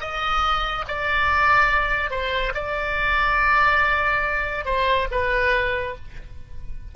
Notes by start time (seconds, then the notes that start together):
0.00 D#5
0.88 D5
2.10 C5
2.54 D5
4.65 C5
5.11 B4